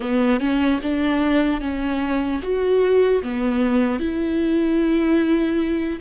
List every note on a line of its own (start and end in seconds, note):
0.00 0.40 B3
0.40 0.80 C#4
0.82 1.60 D4
1.60 2.40 C#4
2.42 3.22 F#4
3.23 3.99 B3
3.99 5.99 E4